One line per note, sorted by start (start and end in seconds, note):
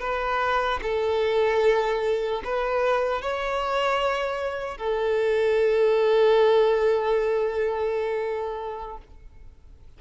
0.00 0.80 B4
0.83 2.42 A4
2.44 3.21 B4
3.21 4.77 C#5
4.77 8.97 A4